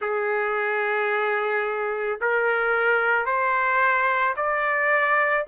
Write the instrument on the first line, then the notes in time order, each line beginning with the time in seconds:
trumpet
0.01 G#4
2.21 A#4
3.25 C5
4.36 D5